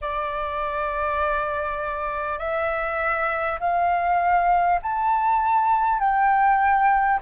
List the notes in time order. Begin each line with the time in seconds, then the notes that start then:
0.01 D5
2.38 E5
3.59 F5
4.82 A5
5.99 G5